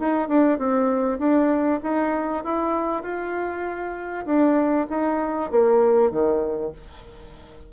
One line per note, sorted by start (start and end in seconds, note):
0.00 0.29 D#4
0.29 0.58 D4
0.58 1.19 C4
1.19 1.80 D4
1.83 2.44 D#4
2.44 3.03 E4
3.03 4.26 F4
4.26 4.87 D4
4.90 5.51 D#4
5.51 6.11 A#3
6.11 6.73 D#3